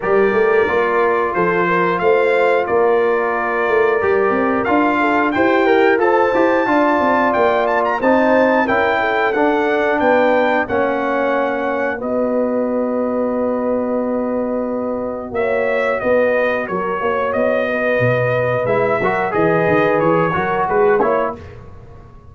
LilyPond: <<
  \new Staff \with { instrumentName = "trumpet" } { \time 4/4 \tempo 4 = 90 d''2 c''4 f''4 | d''2. f''4 | g''4 a''2 g''8 a''16 ais''16 | a''4 g''4 fis''4 g''4 |
fis''2 dis''2~ | dis''2. e''4 | dis''4 cis''4 dis''2 | e''4 dis''4 cis''4 b'8 cis''8 | }
  \new Staff \with { instrumentName = "horn" } { \time 4/4 ais'2 a'8 ais'8 c''4 | ais'2.~ ais'8 a'8 | g'4 c''4 d''2 | c''4 ais'8 a'4. b'4 |
cis''2 b'2~ | b'2. cis''4 | b'4 ais'8 cis''4 b'4.~ | b'8 ais'8 b'4. ais'8 gis'8 cis''8 | }
  \new Staff \with { instrumentName = "trombone" } { \time 4/4 g'4 f'2.~ | f'2 g'4 f'4 | c''8 ais'8 a'8 g'8 f'2 | dis'4 e'4 d'2 |
cis'2 fis'2~ | fis'1~ | fis'1 | e'8 fis'8 gis'4. fis'4 e'8 | }
  \new Staff \with { instrumentName = "tuba" } { \time 4/4 g8 a8 ais4 f4 a4 | ais4. a8 g8 c'8 d'4 | e'4 f'8 e'8 d'8 c'8 ais4 | c'4 cis'4 d'4 b4 |
ais2 b2~ | b2. ais4 | b4 fis8 ais8 b4 b,4 | gis8 fis8 e8 dis8 e8 fis8 gis8 ais8 | }
>>